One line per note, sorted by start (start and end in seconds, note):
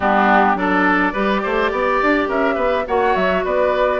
0.00 0.55 G3
0.00 0.56 B3
0.00 0.57 D4
0.00 0.57 G4
0.55 1.12 F#3
0.55 1.13 D4
0.55 1.12 A4
0.55 2.29 D5
1.12 1.42 G3
1.12 2.86 G4
1.12 1.41 B4
1.43 1.71 A3
1.43 1.71 C5
1.71 2.00 B3
1.71 2.28 D5
2.02 2.28 D4
2.28 2.56 C#4
2.28 2.54 A#4
2.28 2.86 E5
2.54 2.85 B3
2.54 2.83 B4
2.87 3.15 A#3
2.87 4.00 F#4
2.87 3.44 C#5
2.87 3.15 F#5
3.15 3.44 F#3
3.15 3.44 E5
3.44 4.00 B3
3.44 4.00 B4
3.44 4.00 D5